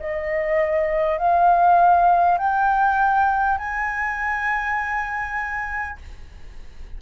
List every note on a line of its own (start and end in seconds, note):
0.00 1.19 D#5
1.19 2.38 F5
2.38 3.58 G5
3.58 5.98 G#5